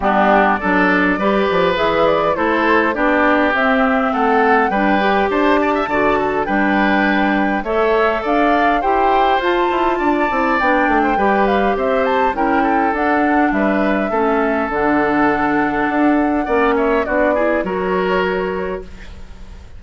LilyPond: <<
  \new Staff \with { instrumentName = "flute" } { \time 4/4 \tempo 4 = 102 g'4 d''2 e''8 d''8 | c''4 d''4 e''4 fis''4 | g''4 a''2 g''4~ | g''4 e''4 f''4 g''4 |
a''2 g''4. f''8 | e''8 a''8 g''4 fis''4 e''4~ | e''4 fis''2.~ | fis''8 e''8 d''4 cis''2 | }
  \new Staff \with { instrumentName = "oboe" } { \time 4/4 d'4 a'4 b'2 | a'4 g'2 a'4 | b'4 c''8 d''16 e''16 d''8 a'8 b'4~ | b'4 cis''4 d''4 c''4~ |
c''4 d''4.~ d''16 c''16 b'4 | c''4 ais'8 a'4. b'4 | a'1 | d''8 cis''8 fis'8 gis'8 ais'2 | }
  \new Staff \with { instrumentName = "clarinet" } { \time 4/4 b4 d'4 g'4 gis'4 | e'4 d'4 c'2 | d'8 g'4. fis'4 d'4~ | d'4 a'2 g'4 |
f'4. e'8 d'4 g'4~ | g'4 e'4 d'2 | cis'4 d'2. | cis'4 d'8 e'8 fis'2 | }
  \new Staff \with { instrumentName = "bassoon" } { \time 4/4 g4 fis4 g8 f8 e4 | a4 b4 c'4 a4 | g4 d'4 d4 g4~ | g4 a4 d'4 e'4 |
f'8 e'8 d'8 c'8 b8 a8 g4 | c'4 cis'4 d'4 g4 | a4 d2 d'4 | ais4 b4 fis2 | }
>>